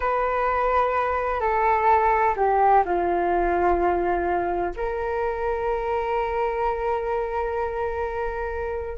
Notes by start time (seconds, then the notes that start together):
0.00 B4
1.40 A4
2.36 G4
2.85 F4
4.76 A#4